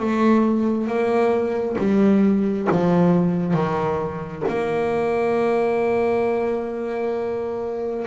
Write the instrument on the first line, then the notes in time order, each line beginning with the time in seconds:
double bass
0.00 A3
0.87 A#3
1.79 G3
2.72 F3
3.54 D#3
4.48 A#3